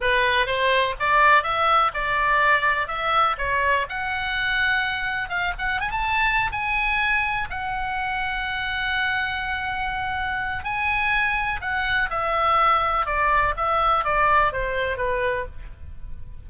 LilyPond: \new Staff \with { instrumentName = "oboe" } { \time 4/4 \tempo 4 = 124 b'4 c''4 d''4 e''4 | d''2 e''4 cis''4 | fis''2. f''8 fis''8 | gis''16 a''4~ a''16 gis''2 fis''8~ |
fis''1~ | fis''2 gis''2 | fis''4 e''2 d''4 | e''4 d''4 c''4 b'4 | }